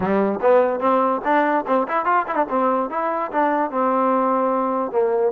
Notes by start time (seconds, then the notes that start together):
0.00 G3
0.41 B3
0.80 C4
1.24 D4
1.66 C4
1.87 E4
2.05 F4
2.27 E4
2.35 D4
2.49 C4
2.90 E4
3.31 D4
3.71 C4
4.91 A#3